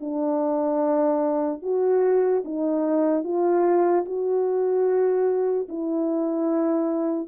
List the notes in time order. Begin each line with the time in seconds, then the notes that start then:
0.00 D4
1.62 F#4
2.44 D#4
3.24 F4
4.05 F#4
5.68 E4